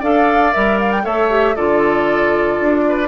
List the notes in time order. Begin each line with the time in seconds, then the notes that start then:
0.00 D4 A4 D5 F5
0.53 G3 A#4 E5
0.80 F5
0.92 G5
1.03 A3 A4 C#5 E5
1.30 G4
1.56 D3 F4 A4 D5
2.60 D4
2.89 B4